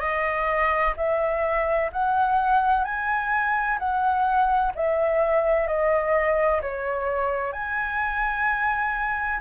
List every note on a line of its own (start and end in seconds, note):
0.00 0.94 D#5
0.97 1.90 E5
1.93 2.85 F#5
2.85 3.78 G#5
3.79 4.73 F#5
4.75 5.67 E5
5.67 6.61 D#5
6.62 7.53 C#5
7.53 9.40 G#5